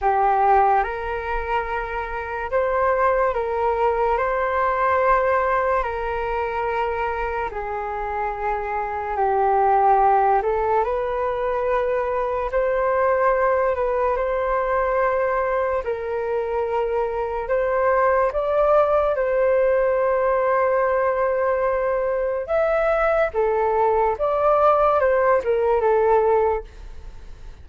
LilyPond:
\new Staff \with { instrumentName = "flute" } { \time 4/4 \tempo 4 = 72 g'4 ais'2 c''4 | ais'4 c''2 ais'4~ | ais'4 gis'2 g'4~ | g'8 a'8 b'2 c''4~ |
c''8 b'8 c''2 ais'4~ | ais'4 c''4 d''4 c''4~ | c''2. e''4 | a'4 d''4 c''8 ais'8 a'4 | }